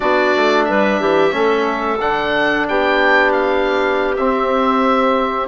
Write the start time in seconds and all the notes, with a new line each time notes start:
0.00 B3 D4 F#4 D5
0.36 A3
0.64 G3 B4 E5
1.00 E3 G4
1.31 A3 C#4 A4
1.99 D3 D4 F#5
2.68 B3 G4 G5
3.32 F5
4.16 C4 E5